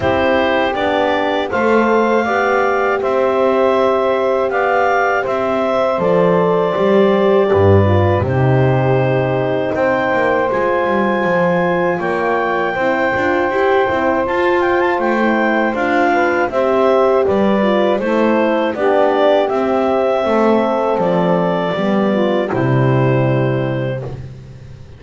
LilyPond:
<<
  \new Staff \with { instrumentName = "clarinet" } { \time 4/4 \tempo 4 = 80 c''4 d''4 f''2 | e''2 f''4 e''4 | d''2. c''4~ | c''4 g''4 gis''2 |
g''2. a''8 g''16 a''16 | g''4 f''4 e''4 d''4 | c''4 d''4 e''2 | d''2 c''2 | }
  \new Staff \with { instrumentName = "saxophone" } { \time 4/4 g'2 c''4 d''4 | c''2 d''4 c''4~ | c''2 b'4 g'4~ | g'4 c''2. |
cis''4 c''2.~ | c''4. b'8 c''4 b'4 | a'4 g'2 a'4~ | a'4 g'8 f'8 e'2 | }
  \new Staff \with { instrumentName = "horn" } { \time 4/4 e'4 d'4 a'4 g'4~ | g'1 | a'4 g'4. f'8 dis'4~ | dis'2 f'2~ |
f'4 e'8 f'8 g'8 e'8 f'4~ | f'16 e'8. f'4 g'4. f'8 | e'4 d'4 c'2~ | c'4 b4 g2 | }
  \new Staff \with { instrumentName = "double bass" } { \time 4/4 c'4 b4 a4 b4 | c'2 b4 c'4 | f4 g4 g,4 c4~ | c4 c'8 ais8 gis8 g8 f4 |
ais4 c'8 d'8 e'8 c'8 f'4 | a4 d'4 c'4 g4 | a4 b4 c'4 a4 | f4 g4 c2 | }
>>